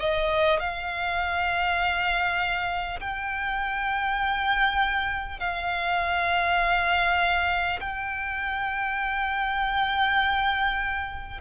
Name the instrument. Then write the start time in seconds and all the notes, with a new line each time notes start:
violin
0.00 D#5
0.60 F5
3.00 G5
5.40 F5
7.81 G5